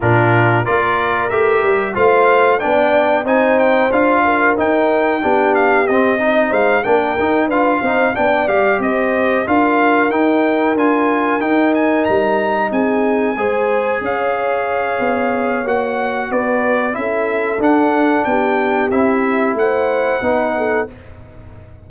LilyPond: <<
  \new Staff \with { instrumentName = "trumpet" } { \time 4/4 \tempo 4 = 92 ais'4 d''4 e''4 f''4 | g''4 gis''8 g''8 f''4 g''4~ | g''8 f''8 dis''4 f''8 g''4 f''8~ | f''8 g''8 f''8 dis''4 f''4 g''8~ |
g''8 gis''4 g''8 gis''8 ais''4 gis''8~ | gis''4. f''2~ f''8 | fis''4 d''4 e''4 fis''4 | g''4 e''4 fis''2 | }
  \new Staff \with { instrumentName = "horn" } { \time 4/4 f'4 ais'2 c''4 | d''4 c''4. ais'4. | g'4. dis''8 c''8 ais'4 b'8 | c''8 d''4 c''4 ais'4.~ |
ais'2.~ ais'8 gis'8~ | gis'8 c''4 cis''2~ cis''8~ | cis''4 b'4 a'2 | g'2 c''4 b'8 a'8 | }
  \new Staff \with { instrumentName = "trombone" } { \time 4/4 d'4 f'4 g'4 f'4 | d'4 dis'4 f'4 dis'4 | d'4 c'8 dis'4 d'8 dis'8 f'8 | dis'8 d'8 g'4. f'4 dis'8~ |
dis'8 f'4 dis'2~ dis'8~ | dis'8 gis'2.~ gis'8 | fis'2 e'4 d'4~ | d'4 e'2 dis'4 | }
  \new Staff \with { instrumentName = "tuba" } { \time 4/4 ais,4 ais4 a8 g8 a4 | b4 c'4 d'4 dis'4 | b4 c'4 gis8 ais8 dis'8 d'8 | c'8 b8 g8 c'4 d'4 dis'8~ |
dis'8 d'4 dis'4 g4 c'8~ | c'8 gis4 cis'4. b4 | ais4 b4 cis'4 d'4 | b4 c'4 a4 b4 | }
>>